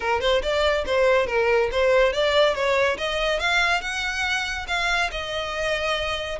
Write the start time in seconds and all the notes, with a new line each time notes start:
0.00 A#4
0.21 C5
0.42 D5
0.85 C5
1.26 A#4
1.71 C5
2.12 D5
2.54 C#5
2.97 D#5
3.39 F5
3.81 F#5
4.67 F5
5.11 D#5